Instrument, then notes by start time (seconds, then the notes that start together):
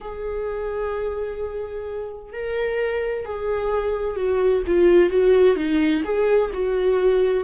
viola
0.00 G#4
2.32 A#4
3.25 G#4
4.16 F#4
4.67 F4
5.10 F#4
5.56 D#4
6.04 G#4
6.53 F#4